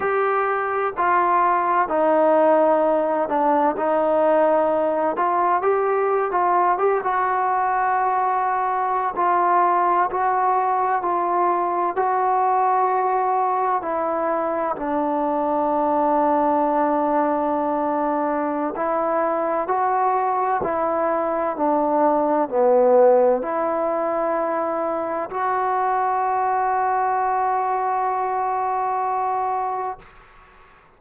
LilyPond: \new Staff \with { instrumentName = "trombone" } { \time 4/4 \tempo 4 = 64 g'4 f'4 dis'4. d'8 | dis'4. f'8 g'8. f'8 g'16 fis'8~ | fis'4.~ fis'16 f'4 fis'4 f'16~ | f'8. fis'2 e'4 d'16~ |
d'1 | e'4 fis'4 e'4 d'4 | b4 e'2 fis'4~ | fis'1 | }